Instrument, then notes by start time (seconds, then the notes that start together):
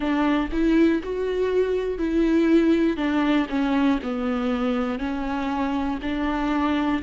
viola
0.00 D4
0.51 E4
1.03 F#4
1.98 E4
2.96 D4
3.49 C#4
4.03 B3
4.99 C#4
6.01 D4